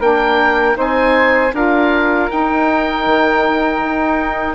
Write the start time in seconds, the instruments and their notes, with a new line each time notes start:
0.00 bassoon A#3, saxophone D4, flute A#4, oboe G5
0.74 bassoon C4, saxophone D#4, flute C5
0.80 oboe G#5
1.53 bassoon D4, saxophone F4, flute A#4, oboe F5
2.29 saxophone D#4, bassoon D#4, oboe G5
3.06 bassoon D#3
3.83 bassoon D#4